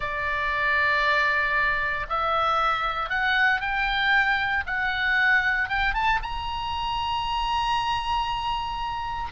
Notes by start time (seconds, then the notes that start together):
0.00 D5
2.09 E5
3.09 F#5
3.60 G5
4.66 F#5
5.68 G5
5.93 A5
6.22 A#5